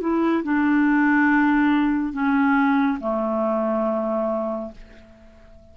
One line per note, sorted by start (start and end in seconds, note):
0.00 0.43 E4
0.43 2.12 D4
2.12 2.98 C#4
3.00 4.71 A3